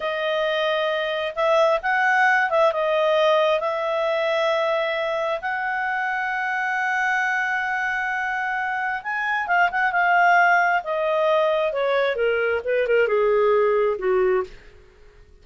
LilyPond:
\new Staff \with { instrumentName = "clarinet" } { \time 4/4 \tempo 4 = 133 dis''2. e''4 | fis''4. e''8 dis''2 | e''1 | fis''1~ |
fis''1 | gis''4 f''8 fis''8 f''2 | dis''2 cis''4 ais'4 | b'8 ais'8 gis'2 fis'4 | }